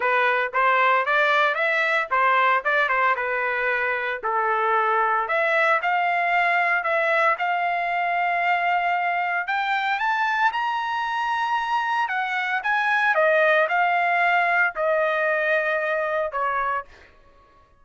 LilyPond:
\new Staff \with { instrumentName = "trumpet" } { \time 4/4 \tempo 4 = 114 b'4 c''4 d''4 e''4 | c''4 d''8 c''8 b'2 | a'2 e''4 f''4~ | f''4 e''4 f''2~ |
f''2 g''4 a''4 | ais''2. fis''4 | gis''4 dis''4 f''2 | dis''2. cis''4 | }